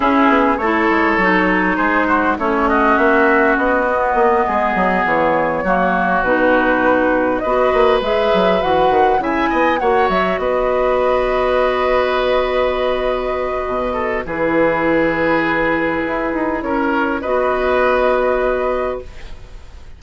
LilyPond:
<<
  \new Staff \with { instrumentName = "flute" } { \time 4/4 \tempo 4 = 101 gis'4 cis''2 c''4 | cis''8 dis''8 e''4 dis''2~ | dis''8 cis''2 b'4.~ | b'8 dis''4 e''4 fis''4 gis''8~ |
gis''8 fis''8 e''8 dis''2~ dis''8~ | dis''1 | b'1 | cis''4 dis''2. | }
  \new Staff \with { instrumentName = "oboe" } { \time 4/4 e'4 a'2 gis'8 fis'8 | e'8 fis'2. gis'8~ | gis'4. fis'2~ fis'8~ | fis'8 b'2. e''8 |
dis''8 cis''4 b'2~ b'8~ | b'2.~ b'8 a'8 | gis'1 | ais'4 b'2. | }
  \new Staff \with { instrumentName = "clarinet" } { \time 4/4 cis'4 e'4 dis'2 | cis'2~ cis'8 b4.~ | b4. ais4 dis'4.~ | dis'8 fis'4 gis'4 fis'4 e'8~ |
e'8 fis'2.~ fis'8~ | fis'1 | e'1~ | e'4 fis'2. | }
  \new Staff \with { instrumentName = "bassoon" } { \time 4/4 cis'8 b8 a8 gis8 fis4 gis4 | a4 ais4 b4 ais8 gis8 | fis8 e4 fis4 b,4.~ | b,8 b8 ais8 gis8 fis8 e8 dis8 cis8 |
b8 ais8 fis8 b2~ b8~ | b2. b,4 | e2. e'8 dis'8 | cis'4 b2. | }
>>